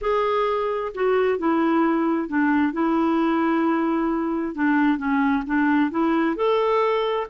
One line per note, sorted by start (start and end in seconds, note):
0.01 0.92 G#4
0.94 1.38 F#4
1.38 2.28 E4
2.28 2.73 D4
2.73 4.54 E4
4.55 4.98 D4
4.98 5.43 C#4
5.46 5.90 D4
5.90 6.36 E4
6.36 7.26 A4